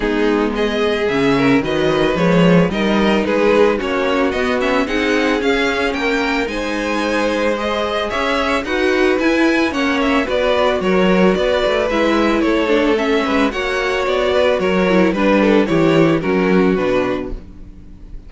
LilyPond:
<<
  \new Staff \with { instrumentName = "violin" } { \time 4/4 \tempo 4 = 111 gis'4 dis''4 e''4 dis''4 | cis''4 dis''4 b'4 cis''4 | dis''8 e''8 fis''4 f''4 g''4 | gis''2 dis''4 e''4 |
fis''4 gis''4 fis''8 e''8 d''4 | cis''4 d''4 e''4 cis''4 | e''4 fis''4 d''4 cis''4 | b'4 cis''4 ais'4 b'4 | }
  \new Staff \with { instrumentName = "violin" } { \time 4/4 dis'4 gis'4. ais'8 b'4~ | b'4 ais'4 gis'4 fis'4~ | fis'4 gis'2 ais'4 | c''2. cis''4 |
b'2 cis''4 b'4 | ais'4 b'2 a'4~ | a'8 b'8 cis''4. b'8 ais'4 | b'8 a'8 g'4 fis'2 | }
  \new Staff \with { instrumentName = "viola" } { \time 4/4 b2 cis'4 fis4 | gis4 dis'2 cis'4 | b8 cis'8 dis'4 cis'2 | dis'2 gis'2 |
fis'4 e'4 cis'4 fis'4~ | fis'2 e'4. d'8 | cis'4 fis'2~ fis'8 e'8 | d'4 e'4 cis'4 d'4 | }
  \new Staff \with { instrumentName = "cello" } { \time 4/4 gis2 cis4 dis4 | f4 g4 gis4 ais4 | b4 c'4 cis'4 ais4 | gis2. cis'4 |
dis'4 e'4 ais4 b4 | fis4 b8 a8 gis4 a4~ | a8 gis8 ais4 b4 fis4 | g4 e4 fis4 b,4 | }
>>